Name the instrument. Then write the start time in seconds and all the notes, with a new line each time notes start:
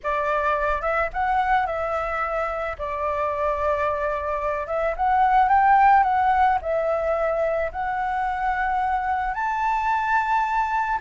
flute
0.03 D5
0.81 E5
1.13 F#5
1.66 E5
2.78 D5
4.66 E5
4.96 F#5
5.48 G5
6.03 F#5
6.61 E5
7.72 F#5
9.34 A5